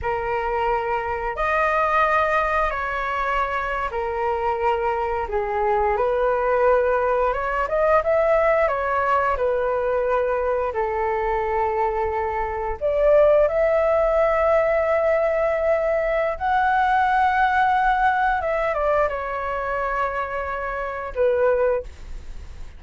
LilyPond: \new Staff \with { instrumentName = "flute" } { \time 4/4 \tempo 4 = 88 ais'2 dis''2 | cis''4.~ cis''16 ais'2 gis'16~ | gis'8. b'2 cis''8 dis''8 e''16~ | e''8. cis''4 b'2 a'16~ |
a'2~ a'8. d''4 e''16~ | e''1 | fis''2. e''8 d''8 | cis''2. b'4 | }